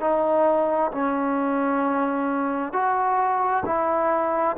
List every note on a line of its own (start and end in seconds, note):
0.00 0.91 D#4
0.91 2.72 C#4
2.72 3.63 F#4
3.65 4.56 E4